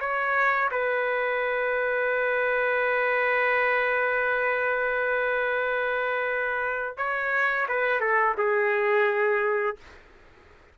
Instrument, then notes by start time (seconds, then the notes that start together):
trumpet
0.00 C#5
0.71 B4
6.97 C#5
7.68 B4
8.00 A4
8.37 G#4